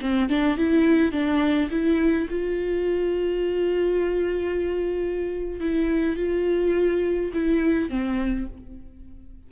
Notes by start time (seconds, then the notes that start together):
0.00 C4
0.29 D4
0.57 E4
1.11 D4
1.70 E4
2.29 F4
5.60 E4
6.16 F4
7.33 E4
7.89 C4